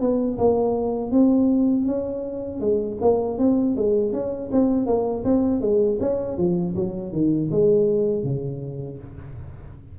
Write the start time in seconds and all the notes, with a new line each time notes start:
0.00 B3
0.38 A#3
1.11 C4
1.86 C#4
2.60 G#3
3.01 A#3
3.38 C4
3.76 G#3
4.12 C#4
4.52 C4
4.86 A#3
5.24 C4
5.61 G#3
6.00 C#4
6.37 F3
6.75 F#3
7.12 D#3
7.51 G#3
8.23 C#3